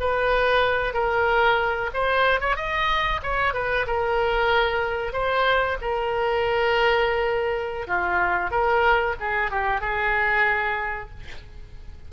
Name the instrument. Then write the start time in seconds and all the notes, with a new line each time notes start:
oboe
0.00 B4
0.94 A#4
1.94 C5
2.40 C#5
2.56 D#5
3.23 C#5
3.54 B4
3.87 A#4
5.13 C5
5.81 A#4
7.87 F4
8.51 A#4
9.20 G#4
9.51 G4
9.81 G#4